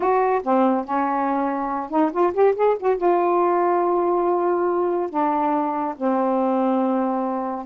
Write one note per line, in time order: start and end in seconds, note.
0.00 0.41 F#4
0.43 0.84 C4
0.84 1.90 C#4
1.90 2.11 D#4
2.12 2.33 F4
2.33 2.55 G4
2.55 2.77 G#4
2.79 2.97 F#4
2.97 5.09 F4
5.09 5.95 D4
5.97 7.65 C4